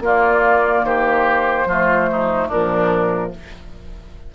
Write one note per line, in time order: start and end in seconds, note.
0.00 0.82 A#3
0.00 1.69 A#3
0.00 0.86 F4
0.06 0.85 D5
0.84 1.65 D#3
0.84 1.68 G4
0.84 2.49 C5
1.65 2.48 F3
1.65 2.52 A3
1.65 2.09 F4
2.12 2.48 D#4
2.48 3.33 A#2
2.48 3.35 F3
2.48 3.30 D4
2.48 3.32 A#4